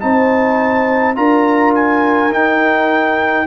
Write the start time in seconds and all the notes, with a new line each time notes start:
0.00 C4 D#4 C5 A5
1.15 D4 F4 A#4 A#5
1.75 G#5
2.31 D#4 G5